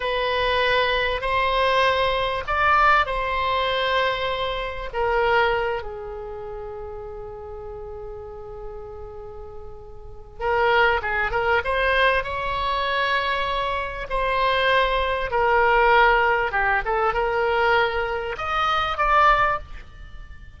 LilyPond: \new Staff \with { instrumentName = "oboe" } { \time 4/4 \tempo 4 = 98 b'2 c''2 | d''4 c''2. | ais'4. gis'2~ gis'8~ | gis'1~ |
gis'4 ais'4 gis'8 ais'8 c''4 | cis''2. c''4~ | c''4 ais'2 g'8 a'8 | ais'2 dis''4 d''4 | }